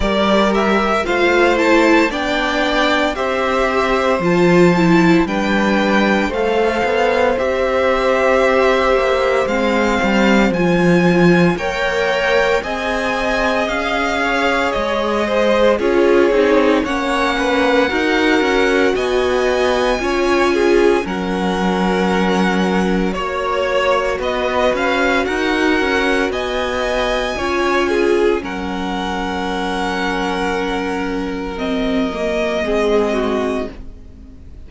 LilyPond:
<<
  \new Staff \with { instrumentName = "violin" } { \time 4/4 \tempo 4 = 57 d''8 e''8 f''8 a''8 g''4 e''4 | a''4 g''4 f''4 e''4~ | e''4 f''4 gis''4 g''4 | gis''4 f''4 dis''4 cis''4 |
fis''2 gis''2 | fis''2 cis''4 dis''8 f''8 | fis''4 gis''2 fis''4~ | fis''2 dis''2 | }
  \new Staff \with { instrumentName = "violin" } { \time 4/4 ais'4 c''4 d''4 c''4~ | c''4 b'4 c''2~ | c''2. cis''4 | dis''4. cis''4 c''8 gis'4 |
cis''8 b'8 ais'4 dis''4 cis''8 gis'8 | ais'2 cis''4 b'4 | ais'4 dis''4 cis''8 gis'8 ais'4~ | ais'2. gis'8 fis'8 | }
  \new Staff \with { instrumentName = "viola" } { \time 4/4 g'4 f'8 e'8 d'4 g'4 | f'8 e'8 d'4 a'4 g'4~ | g'4 c'4 f'4 ais'4 | gis'2. f'8 dis'8 |
cis'4 fis'2 f'4 | cis'2 fis'2~ | fis'2 f'4 cis'4~ | cis'2 c'8 ais8 c'4 | }
  \new Staff \with { instrumentName = "cello" } { \time 4/4 g4 a4 b4 c'4 | f4 g4 a8 b8 c'4~ | c'8 ais8 gis8 g8 f4 ais4 | c'4 cis'4 gis4 cis'8 c'8 |
ais4 dis'8 cis'8 b4 cis'4 | fis2 ais4 b8 cis'8 | dis'8 cis'8 b4 cis'4 fis4~ | fis2. gis4 | }
>>